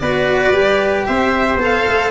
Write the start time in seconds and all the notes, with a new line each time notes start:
0.00 B3 F#4 B4 D5
0.52 G3 G4
1.07 C4 C5 E5
1.55 B3 A4
1.64 F5
1.87 A3